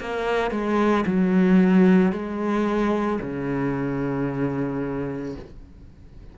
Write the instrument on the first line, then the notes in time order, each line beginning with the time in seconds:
cello
0.00 A#3
0.51 G#3
1.06 F#3
2.12 G#3
3.21 C#3